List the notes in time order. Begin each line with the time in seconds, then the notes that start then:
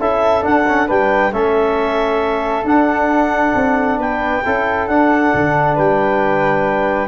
0.00 C#4 E4 A4 E5
0.42 D4 F#5
0.68 C#4
0.87 G3 D4 B4 G5
1.32 A3 C#4 A4 E5
2.65 D4 F#5
3.55 C4
3.98 B3 B4 G5
4.45 C#4 E4 A4
4.87 D4 F#5
5.34 D3
5.75 G3 B4 G5